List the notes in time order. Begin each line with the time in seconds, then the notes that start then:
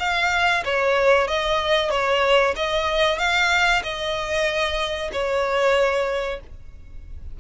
0.00 F5
0.65 C#5
1.28 D#5
1.91 C#5
2.56 D#5
3.19 F5
3.83 D#5
5.13 C#5